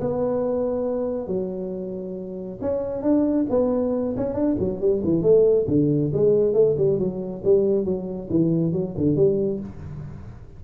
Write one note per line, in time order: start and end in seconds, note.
0.00 1.27 B3
1.27 2.58 F#3
2.61 3.02 C#4
3.02 3.46 D4
3.49 4.15 B3
4.16 4.34 C#4
4.34 4.55 D4
4.59 4.80 F#3
4.80 5.02 G3
5.04 5.22 E3
5.22 5.66 A3
5.67 6.11 D3
6.13 6.53 G#3
6.53 6.75 A3
6.77 6.98 G3
6.98 7.42 F#3
7.44 7.85 G3
7.85 8.28 F#3
8.30 8.72 E3
8.72 8.94 F#3
8.97 9.16 D3
9.16 9.60 G3